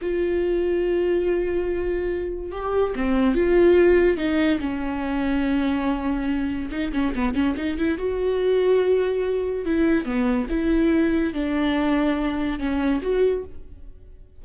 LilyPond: \new Staff \with { instrumentName = "viola" } { \time 4/4 \tempo 4 = 143 f'1~ | f'2 g'4 c'4 | f'2 dis'4 cis'4~ | cis'1 |
dis'8 cis'8 b8 cis'8 dis'8 e'8 fis'4~ | fis'2. e'4 | b4 e'2 d'4~ | d'2 cis'4 fis'4 | }